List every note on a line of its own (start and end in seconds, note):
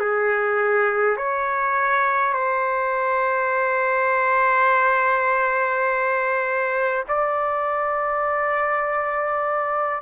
0.00 1.18 G#4
1.18 2.34 C#5
2.34 7.04 C5
7.09 10.02 D5